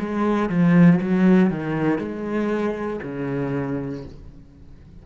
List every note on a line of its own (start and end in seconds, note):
0.00 0.49 G#3
0.49 1.00 F3
1.02 1.50 F#3
1.50 1.99 D#3
1.99 3.00 G#3
3.03 4.05 C#3